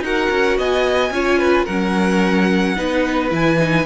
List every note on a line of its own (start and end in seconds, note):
0.00 0.27 D#4
0.00 1.12 F#4
0.00 0.58 A#4
0.00 0.58 F#5
0.30 0.57 C#4
0.58 1.10 B3
0.58 1.12 D#5
0.58 1.65 G#5
1.10 1.64 C#4
1.10 1.67 F4
1.10 1.38 C#5
1.38 1.65 B4
1.65 2.77 F#3
1.65 2.76 C#4
1.65 2.74 A#4
1.65 3.29 F#5
2.76 3.31 B3
2.76 3.30 D#4
2.76 3.85 B4
3.30 3.85 E3
3.30 3.57 E4
3.30 3.85 G#5
3.59 3.85 D#4